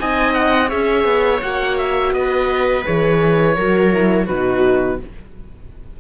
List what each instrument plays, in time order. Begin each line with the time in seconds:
0.00 cello C4, horn D#4, viola D#5, oboe G#5
0.34 oboe F#5
0.69 cello C#4, horn G#4, viola C#5, oboe E5
1.05 cello B3
1.42 cello A#3, horn F#4, oboe F#5
1.78 oboe E5
2.12 cello B3, viola B4, oboe D#5
2.85 cello E3, horn G#4, oboe C#5
3.57 cello F#3, horn F#4, viola A#4
3.92 horn E4
4.25 cello B2, horn D#4, viola F#4, oboe B4